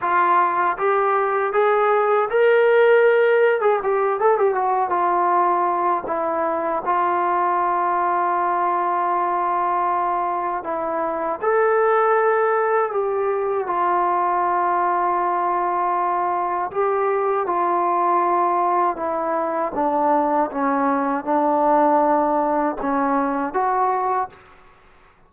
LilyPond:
\new Staff \with { instrumentName = "trombone" } { \time 4/4 \tempo 4 = 79 f'4 g'4 gis'4 ais'4~ | ais'8. gis'16 g'8 a'16 g'16 fis'8 f'4. | e'4 f'2.~ | f'2 e'4 a'4~ |
a'4 g'4 f'2~ | f'2 g'4 f'4~ | f'4 e'4 d'4 cis'4 | d'2 cis'4 fis'4 | }